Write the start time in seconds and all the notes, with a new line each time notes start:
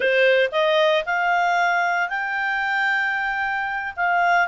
0.00 C5
0.51 D#5
1.05 F5
2.09 G5
3.96 F5